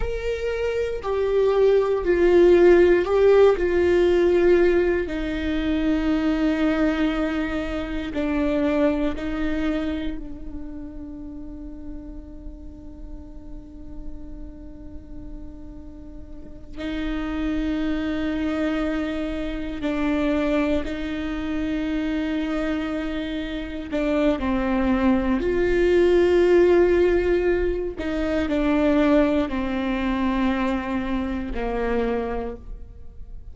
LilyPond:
\new Staff \with { instrumentName = "viola" } { \time 4/4 \tempo 4 = 59 ais'4 g'4 f'4 g'8 f'8~ | f'4 dis'2. | d'4 dis'4 d'2~ | d'1~ |
d'8 dis'2. d'8~ | d'8 dis'2. d'8 | c'4 f'2~ f'8 dis'8 | d'4 c'2 ais4 | }